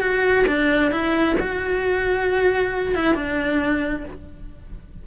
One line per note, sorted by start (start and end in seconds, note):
0.00 0.45 F#4
0.47 0.91 D4
0.91 1.36 E4
1.39 2.94 F#4
2.94 3.14 E4
3.14 4.04 D4